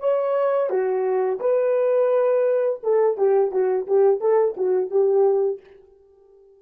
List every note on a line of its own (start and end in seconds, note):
0.00 0.70 C#5
0.70 1.40 F#4
1.40 2.79 B4
2.83 3.17 A4
3.17 3.52 G4
3.52 3.87 F#4
3.87 4.21 G4
4.21 4.55 A4
4.57 4.91 F#4
4.91 5.60 G4